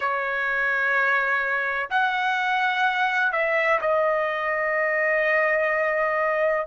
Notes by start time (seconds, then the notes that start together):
0.00 C#5
1.90 F#5
3.32 E5
3.81 D#5